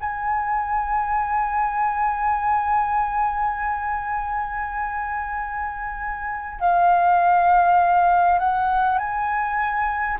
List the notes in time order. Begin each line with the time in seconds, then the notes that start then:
0.00 G#5
6.60 F5
8.39 F#5
8.98 G#5